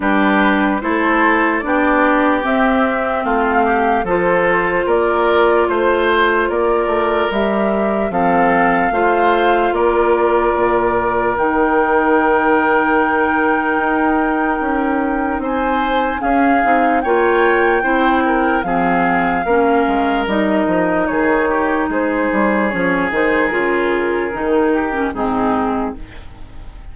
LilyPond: <<
  \new Staff \with { instrumentName = "flute" } { \time 4/4 \tempo 4 = 74 b'4 c''4 d''4 e''4 | f''4 c''4 d''4 c''4 | d''4 e''4 f''2 | d''2 g''2~ |
g''2. gis''4 | f''4 g''2 f''4~ | f''4 dis''4 cis''4 c''4 | cis''8 c''8 ais'2 gis'4 | }
  \new Staff \with { instrumentName = "oboe" } { \time 4/4 g'4 a'4 g'2 | f'8 g'8 a'4 ais'4 c''4 | ais'2 a'4 c''4 | ais'1~ |
ais'2. c''4 | gis'4 cis''4 c''8 ais'8 gis'4 | ais'2 gis'8 g'8 gis'4~ | gis'2~ gis'8 g'8 dis'4 | }
  \new Staff \with { instrumentName = "clarinet" } { \time 4/4 d'4 e'4 d'4 c'4~ | c'4 f'2.~ | f'4 g'4 c'4 f'4~ | f'2 dis'2~ |
dis'1 | cis'8 dis'8 f'4 e'4 c'4 | cis'4 dis'2. | cis'8 dis'8 f'4 dis'8. cis'16 c'4 | }
  \new Staff \with { instrumentName = "bassoon" } { \time 4/4 g4 a4 b4 c'4 | a4 f4 ais4 a4 | ais8 a8 g4 f4 a4 | ais4 ais,4 dis2~ |
dis4 dis'4 cis'4 c'4 | cis'8 c'8 ais4 c'4 f4 | ais8 gis8 g8 f8 dis4 gis8 g8 | f8 dis8 cis4 dis4 gis,4 | }
>>